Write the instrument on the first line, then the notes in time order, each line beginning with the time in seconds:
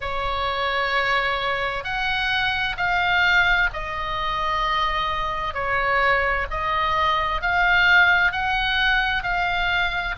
oboe
0.00 C#5
1.83 F#5
2.77 F5
3.73 D#5
5.54 C#5
6.50 D#5
7.41 F5
8.32 F#5
9.23 F5